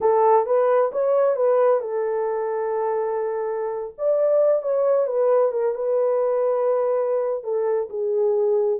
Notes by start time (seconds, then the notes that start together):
0.01 A4
0.46 B4
0.92 C#5
1.36 B4
1.80 A4
3.98 D5
4.62 C#5
5.06 B4
5.52 A#4
5.75 B4
7.43 A4
7.89 G#4